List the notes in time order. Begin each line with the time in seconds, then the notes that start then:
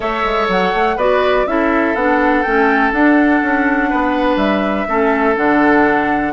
0.00 A3 A4 C#5 E5
0.24 G#3
0.48 F#3 F#5
0.74 A3
0.96 B3 F#4 B4 D5
1.46 C#4 E4 A4 E5
1.94 B3 D4 F#5
2.43 A3 C#4 G5
2.92 D4 F#5
3.42 C#4
3.89 B3 B4
4.36 G3 E5
4.87 A3 C#4 A4
5.35 D3 D4 F#5